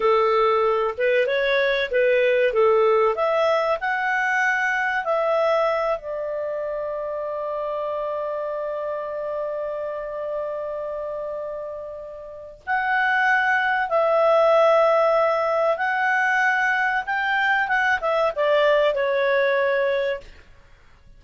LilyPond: \new Staff \with { instrumentName = "clarinet" } { \time 4/4 \tempo 4 = 95 a'4. b'8 cis''4 b'4 | a'4 e''4 fis''2 | e''4. d''2~ d''8~ | d''1~ |
d''1 | fis''2 e''2~ | e''4 fis''2 g''4 | fis''8 e''8 d''4 cis''2 | }